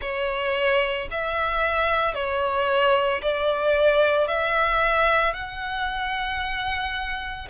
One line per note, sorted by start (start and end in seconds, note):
0.00 1.08 C#5
1.10 2.14 E5
2.14 3.21 C#5
3.21 4.27 D5
4.27 5.33 E5
5.33 7.48 F#5